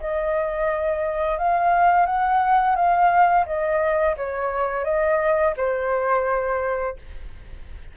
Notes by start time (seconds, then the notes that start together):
0.00 D#5
1.38 F5
2.06 F#5
2.75 F5
3.46 D#5
4.17 C#5
4.84 D#5
5.57 C5